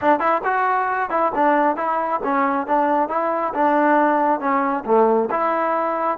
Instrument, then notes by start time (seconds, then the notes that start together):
trombone
0.01 D4
0.19 E4
0.44 F#4
1.09 E4
1.35 D4
1.76 E4
2.23 C#4
2.67 D4
3.09 E4
3.54 D4
4.39 C#4
4.85 A3
5.30 E4